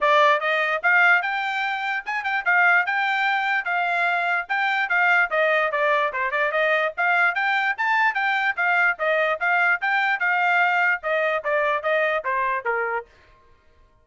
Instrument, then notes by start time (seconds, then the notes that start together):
trumpet
0.00 D5
0.40 D#5
0.82 F5
1.22 G5
2.05 G#5
2.24 G5
2.45 F5
2.86 G5
3.64 F5
4.48 G5
4.89 F5
5.30 D#5
5.71 D5
6.13 C5
6.31 D5
6.51 D#5
6.97 F5
7.35 G5
7.77 A5
8.14 G5
8.56 F5
8.98 D#5
9.40 F5
9.81 G5
10.19 F5
11.02 D#5
11.44 D5
11.82 D#5
12.24 C5
12.65 A#4